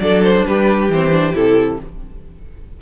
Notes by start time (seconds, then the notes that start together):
0.00 F#3 D4 A4 D5
0.24 C5
0.46 G3 G4 B4
0.89 E3 C4 C5
1.12 D4
1.34 C3 E4 A4